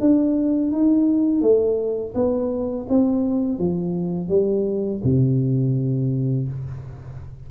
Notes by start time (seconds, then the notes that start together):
0.00 D4
0.71 D#4
1.41 A3
2.14 B3
2.89 C4
3.58 F3
4.28 G3
5.03 C3